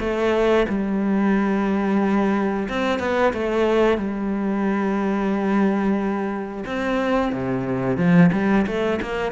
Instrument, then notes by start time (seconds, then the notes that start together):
cello
0.00 A3
0.68 G3
2.69 C4
3.00 B3
3.33 A3
3.98 G3
6.66 C4
7.33 C3
7.98 F3
8.33 G3
8.67 A3
9.02 A#3